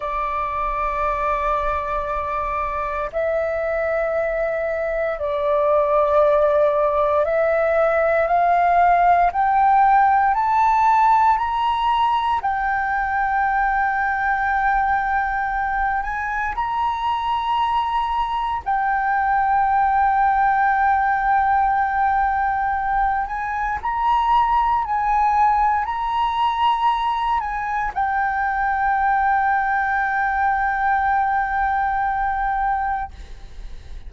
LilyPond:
\new Staff \with { instrumentName = "flute" } { \time 4/4 \tempo 4 = 58 d''2. e''4~ | e''4 d''2 e''4 | f''4 g''4 a''4 ais''4 | g''2.~ g''8 gis''8 |
ais''2 g''2~ | g''2~ g''8 gis''8 ais''4 | gis''4 ais''4. gis''8 g''4~ | g''1 | }